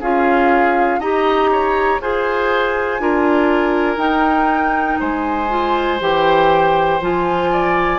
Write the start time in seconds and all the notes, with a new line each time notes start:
0.00 C#4 F4 G#4 F5
0.99 D#4 G4 D#5 A#5
1.51 C#5
2.00 F4 G#4 C5 G#5
2.99 D4 F4 A#4
3.97 D#4 G5
5.00 G#3 C5 G#5
5.49 F4
6.00 E3 G4 G5
7.01 F3 F4 G#5
7.52 D5